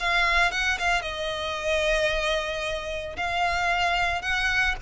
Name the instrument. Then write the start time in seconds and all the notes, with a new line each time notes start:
violin
0.00 F5
0.52 F#5
0.79 F5
1.02 D#5
3.17 F5
4.22 F#5